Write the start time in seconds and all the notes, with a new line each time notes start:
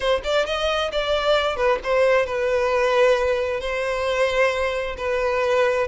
0.00 C5
0.23 D5
0.46 D#5
0.91 D5
1.56 B4
1.83 C5
2.26 B4
3.60 C5
4.97 B4